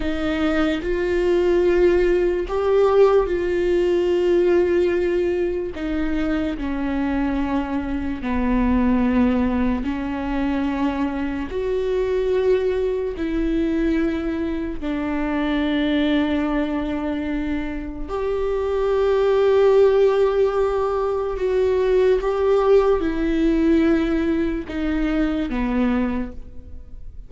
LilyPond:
\new Staff \with { instrumentName = "viola" } { \time 4/4 \tempo 4 = 73 dis'4 f'2 g'4 | f'2. dis'4 | cis'2 b2 | cis'2 fis'2 |
e'2 d'2~ | d'2 g'2~ | g'2 fis'4 g'4 | e'2 dis'4 b4 | }